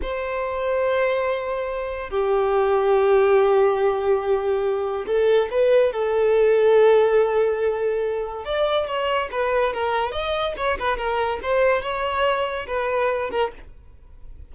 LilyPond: \new Staff \with { instrumentName = "violin" } { \time 4/4 \tempo 4 = 142 c''1~ | c''4 g'2.~ | g'1 | a'4 b'4 a'2~ |
a'1 | d''4 cis''4 b'4 ais'4 | dis''4 cis''8 b'8 ais'4 c''4 | cis''2 b'4. ais'8 | }